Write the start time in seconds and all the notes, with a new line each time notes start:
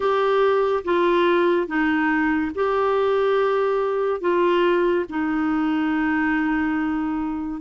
0.00 G4
0.84 F4
1.67 D#4
2.54 G4
4.20 F4
5.09 D#4